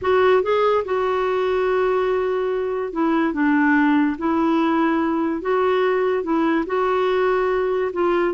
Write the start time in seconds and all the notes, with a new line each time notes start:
0.01 F#4
0.42 G#4
0.84 F#4
2.92 E4
3.33 D4
4.18 E4
5.41 F#4
6.23 E4
6.66 F#4
7.92 F4